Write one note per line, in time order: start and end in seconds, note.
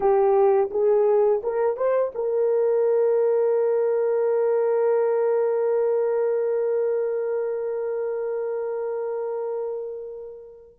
0.00 0.69 G4
0.71 1.41 G#4
1.43 1.76 A#4
1.76 2.12 C5
2.15 10.79 A#4